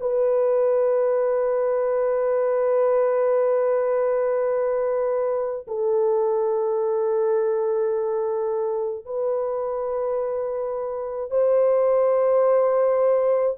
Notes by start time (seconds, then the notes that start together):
0.00 B4
5.68 A4
9.05 B4
11.31 C5